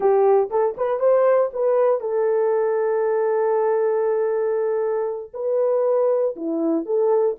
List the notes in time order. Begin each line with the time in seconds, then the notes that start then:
0.00 G4
0.50 A4
0.77 B4
0.99 C5
1.53 B4
2.00 A4
5.33 B4
6.36 E4
6.85 A4